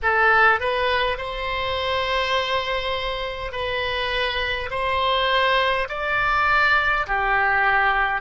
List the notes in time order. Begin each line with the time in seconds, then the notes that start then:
0.02 A4
0.59 B4
1.17 C5
3.52 B4
4.70 C5
5.88 D5
7.06 G4